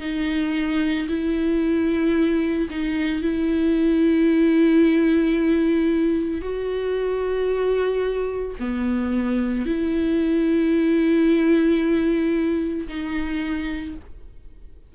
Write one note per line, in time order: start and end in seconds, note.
0.00 1.07 D#4
1.08 2.69 E4
2.69 3.22 D#4
3.22 6.41 E4
6.41 8.56 F#4
8.60 9.66 B3
9.66 12.87 E4
12.88 13.95 D#4